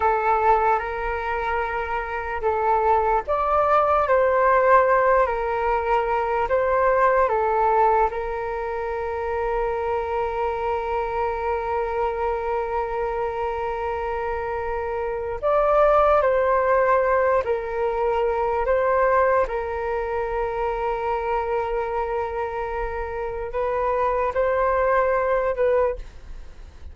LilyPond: \new Staff \with { instrumentName = "flute" } { \time 4/4 \tempo 4 = 74 a'4 ais'2 a'4 | d''4 c''4. ais'4. | c''4 a'4 ais'2~ | ais'1~ |
ais'2. d''4 | c''4. ais'4. c''4 | ais'1~ | ais'4 b'4 c''4. b'8 | }